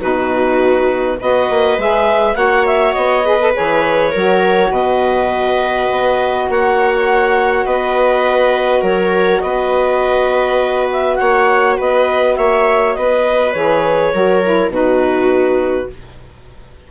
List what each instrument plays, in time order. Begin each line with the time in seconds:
0.00 bassoon B2, saxophone D#4, viola F#4, clarinet B4
1.19 bassoon B3, saxophone F#4, viola B4, clarinet D#5
1.50 bassoon A#3
1.77 bassoon G#3, saxophone G#4, clarinet E5
2.34 bassoon A#3, saxophone F#4, viola C#5, clarinet F#5
2.66 clarinet E5
2.93 bassoon B3, clarinet D#5
3.25 saxophone G#4, viola B4
3.40 saxophone A4
3.52 saxophone G#4, clarinet C#5
3.58 bassoon E3
4.11 bassoon F#3, saxophone F#4, viola A#4
4.70 bassoon B2, viola B4, clarinet D#5
5.90 bassoon B3
6.48 bassoon A#3, viola C#5, clarinet F#5
7.65 bassoon B3, viola B4, clarinet D#5
8.81 bassoon F#3, viola A#4, clarinet C#5
9.40 bassoon B3, viola B4, clarinet D#5
10.92 clarinet E5
11.15 bassoon A#3, viola C#5, clarinet F#5
11.77 bassoon B3, viola B4, clarinet D#5
12.35 bassoon A#3, viola C#5, clarinet E5
12.94 bassoon B3, viola B4, clarinet D#5
13.52 bassoon E3, saxophone G#4, clarinet C#5
14.13 bassoon F#3, saxophone F#4, viola A#4
14.43 saxophone E4
14.68 bassoon B2, saxophone D#4, viola F#4, clarinet B4